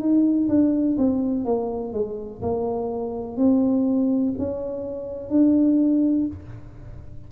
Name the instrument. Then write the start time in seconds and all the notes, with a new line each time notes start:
tuba
0.00 D#4
0.49 D4
0.98 C4
1.45 A#3
1.93 G#3
2.42 A#3
3.37 C4
4.38 C#4
5.30 D4